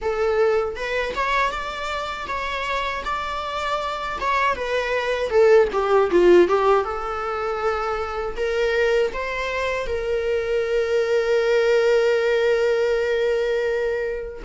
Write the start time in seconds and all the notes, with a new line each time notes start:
0.01 A4
0.76 B4
1.15 C#5
1.51 D5
2.27 C#5
3.04 D5
4.20 C#5
4.55 B4
5.30 A4
5.72 G4
6.10 F4
6.48 G4
6.84 A4
8.36 A#4
9.13 C5
9.87 A#4